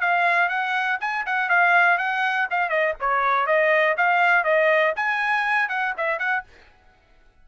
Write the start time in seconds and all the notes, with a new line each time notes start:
0.00 F5
0.48 F#5
1.00 G#5
1.26 F#5
1.49 F5
1.98 F#5
2.50 F5
2.69 D#5
3.00 C#5
3.46 D#5
3.97 F5
4.44 D#5
4.96 G#5
5.68 F#5
5.97 E5
6.19 F#5